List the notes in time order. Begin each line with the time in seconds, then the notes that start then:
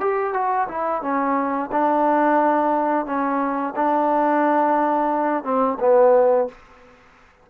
0.00 G4
0.33 F#4
0.68 E4
1.02 C#4
1.72 D4
3.06 C#4
3.76 D4
5.44 C4
5.80 B3